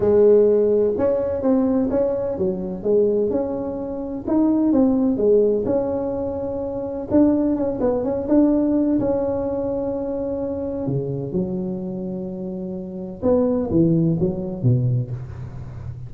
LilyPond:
\new Staff \with { instrumentName = "tuba" } { \time 4/4 \tempo 4 = 127 gis2 cis'4 c'4 | cis'4 fis4 gis4 cis'4~ | cis'4 dis'4 c'4 gis4 | cis'2. d'4 |
cis'8 b8 cis'8 d'4. cis'4~ | cis'2. cis4 | fis1 | b4 e4 fis4 b,4 | }